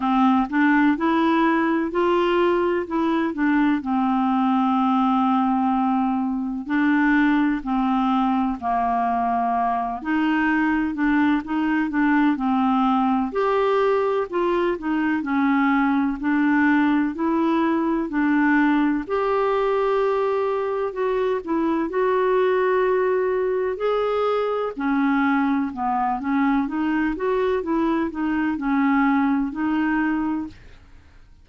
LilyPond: \new Staff \with { instrumentName = "clarinet" } { \time 4/4 \tempo 4 = 63 c'8 d'8 e'4 f'4 e'8 d'8 | c'2. d'4 | c'4 ais4. dis'4 d'8 | dis'8 d'8 c'4 g'4 f'8 dis'8 |
cis'4 d'4 e'4 d'4 | g'2 fis'8 e'8 fis'4~ | fis'4 gis'4 cis'4 b8 cis'8 | dis'8 fis'8 e'8 dis'8 cis'4 dis'4 | }